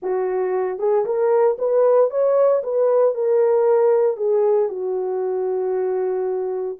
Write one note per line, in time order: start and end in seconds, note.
0.02 0.78 F#4
0.78 1.04 G#4
1.05 1.57 A#4
1.58 2.10 B4
2.10 2.62 C#5
2.63 3.14 B4
3.14 4.16 A#4
4.16 4.68 G#4
4.68 6.77 F#4